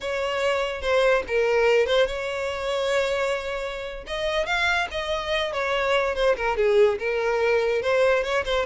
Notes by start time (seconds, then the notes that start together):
0.00 C#5
0.81 C5
1.27 A#4
1.86 C5
2.06 C#5
4.06 D#5
4.46 F5
4.91 D#5
5.52 C#5
6.15 C5
6.36 A#4
6.56 G#4
6.98 A#4
7.82 C5
8.23 C#5
8.44 C5